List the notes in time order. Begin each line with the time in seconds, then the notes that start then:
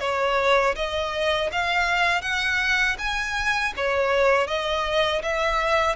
0.00 C#5
0.75 D#5
1.52 F5
2.22 F#5
2.98 G#5
3.76 C#5
4.47 D#5
5.22 E5